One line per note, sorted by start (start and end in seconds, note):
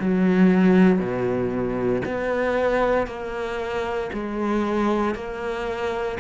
0.00 0.99 F#3
0.99 2.02 B2
2.05 3.07 B3
3.07 4.10 A#3
4.13 5.15 G#3
5.15 6.18 A#3